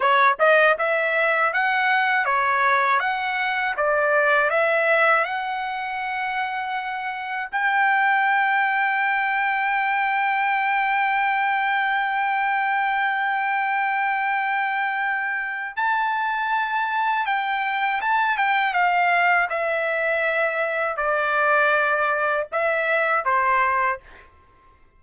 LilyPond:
\new Staff \with { instrumentName = "trumpet" } { \time 4/4 \tempo 4 = 80 cis''8 dis''8 e''4 fis''4 cis''4 | fis''4 d''4 e''4 fis''4~ | fis''2 g''2~ | g''1~ |
g''1~ | g''4 a''2 g''4 | a''8 g''8 f''4 e''2 | d''2 e''4 c''4 | }